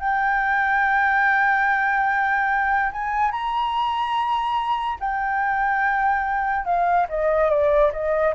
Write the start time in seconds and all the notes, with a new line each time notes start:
0.00 G5
2.92 G#5
3.31 A#5
5.00 G5
6.65 F5
7.09 D#5
7.50 D5
7.93 D#5